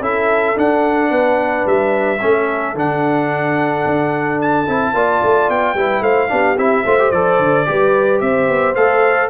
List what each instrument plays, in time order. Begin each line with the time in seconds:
0.00 tuba C#4, trombone E4, horn A4, trumpet E5
0.55 trombone D4, tuba D4, trumpet F#5
1.10 tuba B3, horn B4
1.65 tuba G3, trumpet E5
2.20 tuba A3, trombone C#4, horn A4
2.75 tuba D3, trombone D4, trumpet F#5
3.85 tuba D4
4.41 trumpet A5
4.67 tuba C4, trombone E4
4.93 tuba A#3, trombone F4, horn D5
5.23 tuba A3
5.49 tuba B3, trumpet G5
5.74 tuba G3, trombone E4, horn B4
6.01 tuba A3, horn C5, trumpet F5
6.28 tuba B3, trombone D4, horn G4
6.57 tuba C4, trombone E4, trumpet E5
6.84 tuba A3, trombone F4, horn C5
6.99 trombone G4
7.10 tuba F3, trombone A4, trumpet D5
7.38 tuba D3
7.66 tuba G3, trombone G4, horn B4
8.20 tuba C4, horn C5, trumpet E5
8.48 tuba B3
8.74 tuba A3, trombone A4, trumpet F5